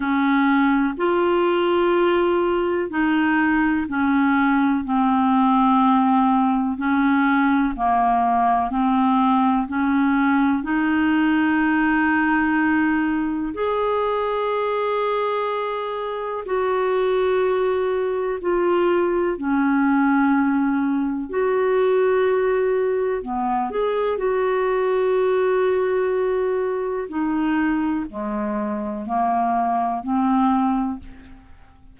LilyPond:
\new Staff \with { instrumentName = "clarinet" } { \time 4/4 \tempo 4 = 62 cis'4 f'2 dis'4 | cis'4 c'2 cis'4 | ais4 c'4 cis'4 dis'4~ | dis'2 gis'2~ |
gis'4 fis'2 f'4 | cis'2 fis'2 | b8 gis'8 fis'2. | dis'4 gis4 ais4 c'4 | }